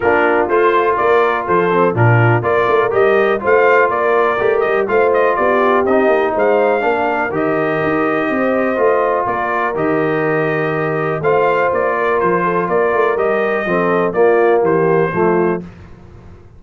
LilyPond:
<<
  \new Staff \with { instrumentName = "trumpet" } { \time 4/4 \tempo 4 = 123 ais'4 c''4 d''4 c''4 | ais'4 d''4 dis''4 f''4 | d''4. dis''8 f''8 dis''8 d''4 | dis''4 f''2 dis''4~ |
dis''2. d''4 | dis''2. f''4 | d''4 c''4 d''4 dis''4~ | dis''4 d''4 c''2 | }
  \new Staff \with { instrumentName = "horn" } { \time 4/4 f'2 ais'4 a'4 | f'4 ais'2 c''4 | ais'2 c''4 g'4~ | g'4 c''4 ais'2~ |
ais'4 c''2 ais'4~ | ais'2. c''4~ | c''8 ais'4 a'8 ais'2 | a'4 f'4 g'4 f'4 | }
  \new Staff \with { instrumentName = "trombone" } { \time 4/4 d'4 f'2~ f'8 c'8 | d'4 f'4 g'4 f'4~ | f'4 g'4 f'2 | dis'2 d'4 g'4~ |
g'2 f'2 | g'2. f'4~ | f'2. g'4 | c'4 ais2 a4 | }
  \new Staff \with { instrumentName = "tuba" } { \time 4/4 ais4 a4 ais4 f4 | ais,4 ais8 a8 g4 a4 | ais4 a8 g8 a4 b4 | c'8 ais8 gis4 ais4 dis4 |
dis'4 c'4 a4 ais4 | dis2. a4 | ais4 f4 ais8 a8 g4 | f4 ais4 e4 f4 | }
>>